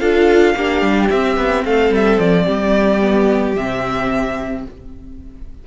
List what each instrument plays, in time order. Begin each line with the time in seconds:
0.00 cello D4, viola F4, violin A4 F5
0.55 cello A#3, viola D4, violin G4
0.82 cello G3
1.10 cello C4, viola C4, violin E5
1.37 cello B3
1.65 cello A3, violin A4 F5
1.91 cello G3, violin E5
2.20 cello F3, violin D5
2.45 cello G3, violin G4
3.02 viola B3
3.56 cello C3, viola C4, violin E5